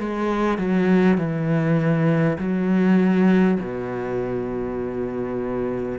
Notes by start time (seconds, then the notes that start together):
0.00 G#3
0.58 F#3
1.18 E3
2.39 F#3
3.61 B2